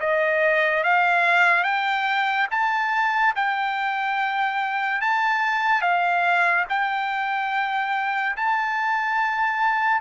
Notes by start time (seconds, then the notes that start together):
0.00 D#5
0.83 F5
1.64 G5
2.51 A5
3.35 G5
5.01 A5
5.81 F5
6.69 G5
8.36 A5